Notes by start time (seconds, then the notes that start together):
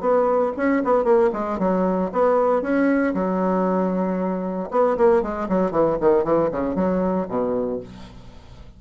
0.00 B3
0.56 C#4
0.84 B3
1.04 A#3
1.33 G#3
1.59 F#3
2.12 B3
2.62 C#4
3.14 F#3
4.71 B3
4.97 A#3
5.22 G#3
5.49 F#3
5.71 E3
6.00 D#3
6.24 E3
6.51 C#3
6.75 F#3
7.28 B2